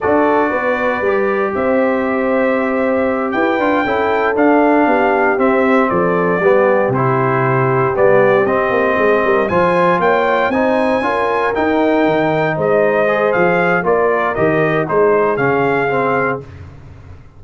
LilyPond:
<<
  \new Staff \with { instrumentName = "trumpet" } { \time 4/4 \tempo 4 = 117 d''2. e''4~ | e''2~ e''8 g''4.~ | g''8 f''2 e''4 d''8~ | d''4. c''2 d''8~ |
d''8 dis''2 gis''4 g''8~ | g''8 gis''2 g''4.~ | g''8 dis''4. f''4 d''4 | dis''4 c''4 f''2 | }
  \new Staff \with { instrumentName = "horn" } { \time 4/4 a'4 b'2 c''4~ | c''2~ c''8 b'4 a'8~ | a'4. g'2 a'8~ | a'8 g'2.~ g'8~ |
g'4. gis'8 ais'8 c''4 cis''8~ | cis''8 c''4 ais'2~ ais'8~ | ais'8 c''2~ c''8 ais'4~ | ais'4 gis'2. | }
  \new Staff \with { instrumentName = "trombone" } { \time 4/4 fis'2 g'2~ | g'2. f'8 e'8~ | e'8 d'2 c'4.~ | c'8 b4 e'2 b8~ |
b8 c'2 f'4.~ | f'8 dis'4 f'4 dis'4.~ | dis'4. gis'4. f'4 | g'4 dis'4 cis'4 c'4 | }
  \new Staff \with { instrumentName = "tuba" } { \time 4/4 d'4 b4 g4 c'4~ | c'2~ c'8 e'8 d'8 cis'8~ | cis'8 d'4 b4 c'4 f8~ | f8 g4 c2 g8~ |
g8 c'8 ais8 gis8 g8 f4 ais8~ | ais8 c'4 cis'4 dis'4 dis8~ | dis8 gis4. f4 ais4 | dis4 gis4 cis2 | }
>>